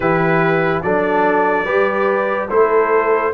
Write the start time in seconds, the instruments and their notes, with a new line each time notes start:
0.00 tuba E3, trombone E4, horn G4, trumpet B4
0.82 tuba F#3, trombone D4, horn A4, trumpet D5
1.64 tuba G3, trombone G4, horn B4
2.49 tuba A3, trombone E4, horn A4, trumpet C5